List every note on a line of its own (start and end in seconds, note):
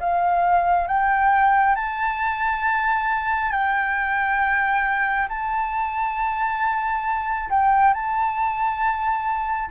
0.00 0.88 F5
0.88 1.76 G5
1.76 3.52 A5
3.52 5.28 G5
5.29 7.50 A5
7.50 7.94 G5
7.94 9.71 A5